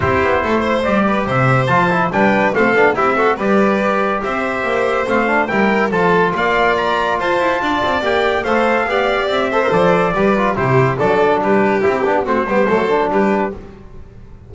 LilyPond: <<
  \new Staff \with { instrumentName = "trumpet" } { \time 4/4 \tempo 4 = 142 c''2 d''4 e''4 | a''4 g''4 f''4 e''4 | d''2 e''2 | f''4 g''4 a''4 f''4 |
ais''4 a''2 g''4 | f''2 e''4 d''4~ | d''4 c''4 d''4 b'4 | g'4 c''2 b'4 | }
  \new Staff \with { instrumentName = "violin" } { \time 4/4 g'4 a'8 c''4 b'8 c''4~ | c''4 b'4 a'4 g'8 a'8 | b'2 c''2~ | c''4 ais'4 a'4 d''4~ |
d''4 c''4 d''2 | c''4 d''4. c''4. | b'4 g'4 a'4 g'4~ | g'4 fis'8 g'8 a'4 g'4 | }
  \new Staff \with { instrumentName = "trombone" } { \time 4/4 e'2 g'2 | f'8 e'8 d'4 c'8 d'8 e'8 fis'8 | g'1 | c'8 d'8 e'4 f'2~ |
f'2. g'4 | a'4 g'4. a'16 ais'16 a'4 | g'8 f'8 e'4 d'2 | e'8 d'8 c'8 b8 a8 d'4. | }
  \new Staff \with { instrumentName = "double bass" } { \time 4/4 c'8 b8 a4 g4 c4 | f4 g4 a8 b8 c'4 | g2 c'4 ais4 | a4 g4 f4 ais4~ |
ais4 f'8 e'8 d'8 c'8 ais4 | a4 b4 c'4 f4 | g4 c4 fis4 g4 | c'8 b8 a8 g8 fis4 g4 | }
>>